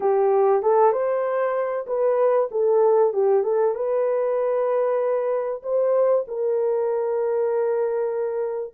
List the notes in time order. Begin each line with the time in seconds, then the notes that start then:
0.00 G4
0.62 A4
0.92 C5
1.86 B4
2.51 A4
3.13 G4
3.43 A4
3.74 B4
5.62 C5
6.27 A#4